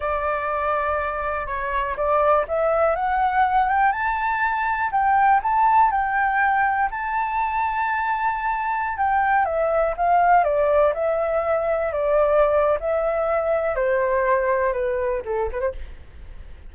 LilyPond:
\new Staff \with { instrumentName = "flute" } { \time 4/4 \tempo 4 = 122 d''2. cis''4 | d''4 e''4 fis''4. g''8 | a''2 g''4 a''4 | g''2 a''2~ |
a''2~ a''16 g''4 e''8.~ | e''16 f''4 d''4 e''4.~ e''16~ | e''16 d''4.~ d''16 e''2 | c''2 b'4 a'8 b'16 c''16 | }